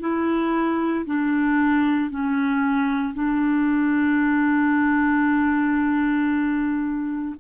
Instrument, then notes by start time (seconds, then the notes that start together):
clarinet
0.00 E4
1.05 D4
2.10 C#4
3.14 D4